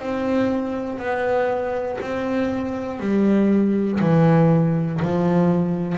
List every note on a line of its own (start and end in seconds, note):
0.00 1.00 C4
1.00 2.00 B3
2.01 3.00 C4
3.00 4.00 G3
4.01 5.01 E3
5.03 5.98 F3